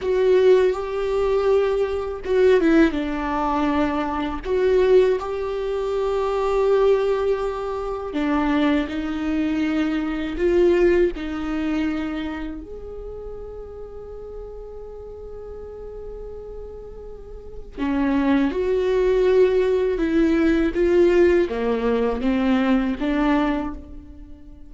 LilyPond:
\new Staff \with { instrumentName = "viola" } { \time 4/4 \tempo 4 = 81 fis'4 g'2 fis'8 e'8 | d'2 fis'4 g'4~ | g'2. d'4 | dis'2 f'4 dis'4~ |
dis'4 gis'2.~ | gis'1 | cis'4 fis'2 e'4 | f'4 ais4 c'4 d'4 | }